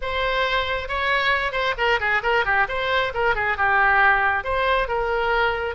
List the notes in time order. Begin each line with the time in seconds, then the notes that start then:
0.01 C5
0.88 C#5
1.52 C5
1.77 A#4
1.99 G#4
2.22 A#4
2.45 G4
2.68 C5
3.14 A#4
3.35 G#4
3.57 G4
4.43 C5
4.88 A#4